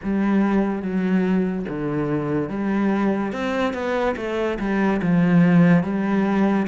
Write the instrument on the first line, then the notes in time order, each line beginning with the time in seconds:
cello
0.03 G3
0.82 F#3
1.68 D3
2.49 G3
3.32 C4
3.73 B3
4.16 A3
4.59 G3
5.02 F3
5.83 G3